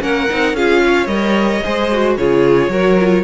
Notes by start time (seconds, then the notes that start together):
0.00 A#3 C#4 A#4 F#5
0.29 C4 D#4
0.53 C#4 F4 G#4 F5
0.84 C#5
1.07 G3 A#4 D#5
1.64 G#3 G#4 C5
1.91 F#4
2.17 C#3 F4 G#4 C#5
2.68 F#3 F#4 A#4
2.99 F4